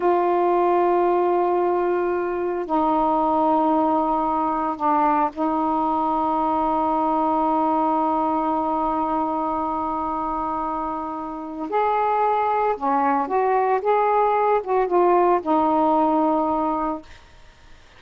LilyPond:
\new Staff \with { instrumentName = "saxophone" } { \time 4/4 \tempo 4 = 113 f'1~ | f'4 dis'2.~ | dis'4 d'4 dis'2~ | dis'1~ |
dis'1~ | dis'2 gis'2 | cis'4 fis'4 gis'4. fis'8 | f'4 dis'2. | }